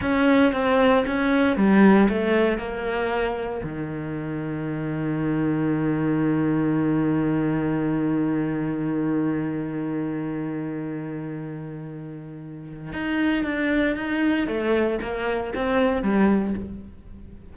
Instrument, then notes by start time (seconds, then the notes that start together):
cello
0.01 C#4
0.52 C4
1.06 C#4
1.56 G3
2.09 A3
2.58 A#3
3.63 D#3
12.92 D#4
13.44 D4
13.96 D#4
14.47 A3
15.01 A#3
15.54 C4
16.02 G3